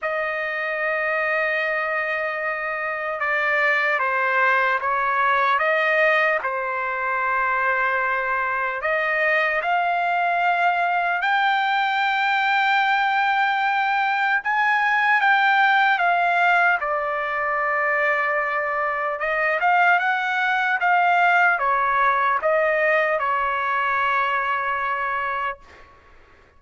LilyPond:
\new Staff \with { instrumentName = "trumpet" } { \time 4/4 \tempo 4 = 75 dis''1 | d''4 c''4 cis''4 dis''4 | c''2. dis''4 | f''2 g''2~ |
g''2 gis''4 g''4 | f''4 d''2. | dis''8 f''8 fis''4 f''4 cis''4 | dis''4 cis''2. | }